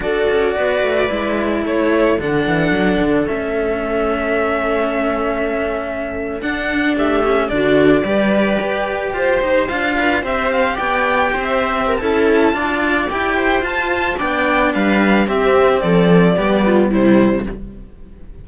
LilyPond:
<<
  \new Staff \with { instrumentName = "violin" } { \time 4/4 \tempo 4 = 110 d''2. cis''4 | fis''2 e''2~ | e''2.~ e''8. fis''16~ | fis''8. e''4 d''2~ d''16~ |
d''8. c''4 f''4 e''8 f''8 g''16~ | g''4 e''4 a''2 | g''4 a''4 g''4 f''4 | e''4 d''2 c''4 | }
  \new Staff \with { instrumentName = "viola" } { \time 4/4 a'4 b'2 a'4~ | a'1~ | a'1~ | a'8. g'4 fis'4 b'4~ b'16~ |
b'8. c''4. b'8 c''4 d''16~ | d''8. c''4 ais'16 a'4 d''4~ | d''8 c''4. d''4 b'4 | g'4 a'4 g'8 f'8 e'4 | }
  \new Staff \with { instrumentName = "cello" } { \time 4/4 fis'2 e'2 | d'2 cis'2~ | cis'2.~ cis'8. d'16~ | d'4~ d'16 cis'8 d'4 g'4~ g'16~ |
g'4.~ g'16 f'4 g'4~ g'16~ | g'2 e'4 f'4 | g'4 f'4 d'2 | c'2 b4 g4 | }
  \new Staff \with { instrumentName = "cello" } { \time 4/4 d'8 cis'8 b8 a8 gis4 a4 | d8 e8 fis8 d8 a2~ | a2.~ a8. d'16~ | d'8. a4 d4 g4 g'16~ |
g'8. f'8 dis'8 d'4 c'4 b16~ | b8. c'4~ c'16 cis'4 d'4 | e'4 f'4 b4 g4 | c'4 f4 g4 c4 | }
>>